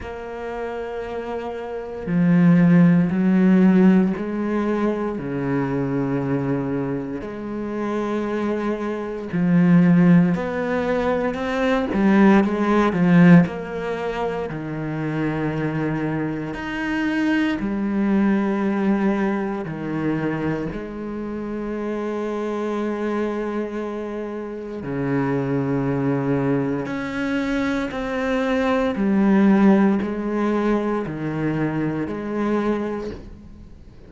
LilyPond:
\new Staff \with { instrumentName = "cello" } { \time 4/4 \tempo 4 = 58 ais2 f4 fis4 | gis4 cis2 gis4~ | gis4 f4 b4 c'8 g8 | gis8 f8 ais4 dis2 |
dis'4 g2 dis4 | gis1 | cis2 cis'4 c'4 | g4 gis4 dis4 gis4 | }